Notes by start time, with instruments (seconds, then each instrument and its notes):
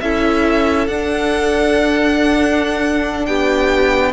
0.00 cello C#4, viola E4, violin A4 E5
0.87 cello D4, viola D4, violin F#5
3.25 cello B3, violin G4 G5